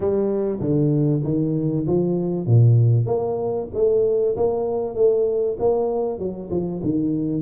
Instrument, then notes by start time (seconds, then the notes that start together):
tuba
0.00 G3
0.60 D3
1.24 D#3
1.87 F3
2.46 A#2
3.06 A#3
3.74 A3
4.36 A#3
4.95 A3
5.59 A#3
6.18 F#3
6.50 F3
6.83 D#3